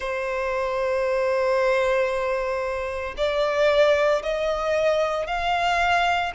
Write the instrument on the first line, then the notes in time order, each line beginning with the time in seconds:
violin
0.00 C5
3.17 D5
4.22 D#5
5.26 F5